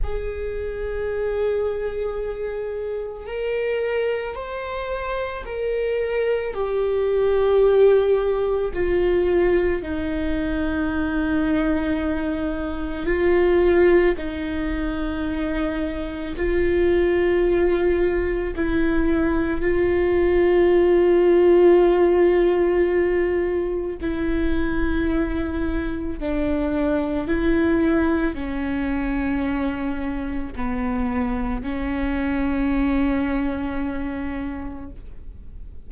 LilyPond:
\new Staff \with { instrumentName = "viola" } { \time 4/4 \tempo 4 = 55 gis'2. ais'4 | c''4 ais'4 g'2 | f'4 dis'2. | f'4 dis'2 f'4~ |
f'4 e'4 f'2~ | f'2 e'2 | d'4 e'4 cis'2 | b4 cis'2. | }